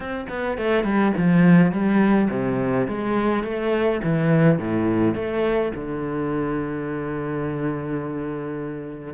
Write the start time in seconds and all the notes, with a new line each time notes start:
0.00 C4
0.29 B3
0.57 A3
0.83 G3
1.17 F3
1.71 G3
2.30 C3
2.87 G#3
3.43 A3
4.03 E3
4.59 A2
5.14 A3
5.75 D3